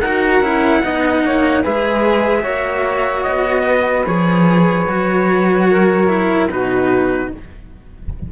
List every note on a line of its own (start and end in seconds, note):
0.00 0.40 D#4
0.00 0.42 F#4
0.00 0.82 A#4
0.00 1.62 F#5
0.40 0.80 C#4
0.40 0.82 E4
0.82 1.23 B3
0.82 1.63 D#4
0.82 1.23 D#5
1.23 1.64 A#3
1.23 1.62 C#5
1.62 2.44 G#3
1.62 2.43 G#4
1.62 2.41 B4
1.62 3.23 E5
2.41 3.26 A#3
2.41 4.05 F#4
2.41 3.62 C#5
3.23 4.06 B3
3.23 4.04 D#5
3.66 5.69 B4
4.06 4.86 F3
4.06 4.87 G#4
4.06 6.49 C#5
4.86 6.48 F#3
4.86 6.07 F#4
5.69 6.51 A#4
6.07 6.48 E4
6.48 7.29 B2
6.48 7.31 D#4
6.48 7.32 F#4
6.48 7.32 B4